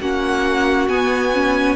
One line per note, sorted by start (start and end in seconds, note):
0.00 0.88 A#3
0.00 0.89 C#4
0.00 1.76 F#4
0.00 0.89 F#5
0.88 1.76 B3
0.88 1.33 B3
0.88 1.76 G#5
1.34 1.76 C#4